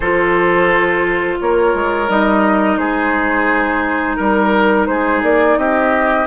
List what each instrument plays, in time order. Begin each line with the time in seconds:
0.00 bassoon F3, clarinet F4, oboe A4, flute C5
1.40 bassoon A#3, oboe A#4, flute C#5
1.74 bassoon G#3
2.07 bassoon G3, clarinet D#4, flute D#5
2.77 bassoon G#3, oboe G#4, flute C5
4.16 bassoon G3, oboe A#4, flute A#4
4.86 bassoon G#3, oboe G#4, flute C5
5.22 bassoon A#3, flute D5
5.57 bassoon C4, oboe G4, flute D#5